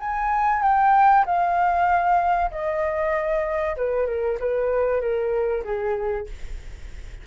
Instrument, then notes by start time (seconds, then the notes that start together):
flute
0.00 G#5
0.62 G5
1.26 F5
2.51 D#5
3.77 B4
4.07 A#4
4.40 B4
5.01 A#4
5.64 G#4